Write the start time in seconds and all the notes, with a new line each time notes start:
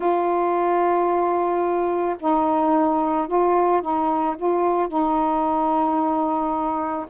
0.00 F4
2.19 D#4
3.27 F4
3.81 D#4
4.36 F4
4.88 D#4